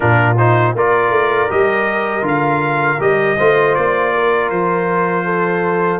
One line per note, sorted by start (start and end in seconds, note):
0.00 0.75 A#2
0.00 0.35 D4
0.00 0.75 F4
0.00 0.37 A#4
0.37 0.76 D#4
0.37 0.75 C5
0.75 1.10 A#3
0.75 1.49 F4
0.75 3.37 A#4
0.75 1.50 D5
1.10 1.48 A3
1.49 2.22 G3
1.49 2.22 G4
1.49 2.25 D#5
2.22 2.97 D3
2.22 2.97 F4
2.22 3.01 F5
3.00 3.37 G3
3.00 3.37 G4
3.00 3.74 D#5
3.37 3.77 A3
3.37 6.00 F4
3.37 4.12 C5
3.74 4.50 A#3
3.74 4.49 D5
4.14 5.25 A#4
4.50 6.00 F3
4.50 6.00 C5
5.25 6.00 A4